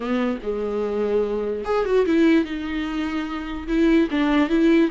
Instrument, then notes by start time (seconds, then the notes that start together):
viola
0.00 B3
0.42 G#3
1.64 G#4
1.85 F#4
2.06 E4
2.44 D#4
3.67 E4
4.10 D4
4.49 E4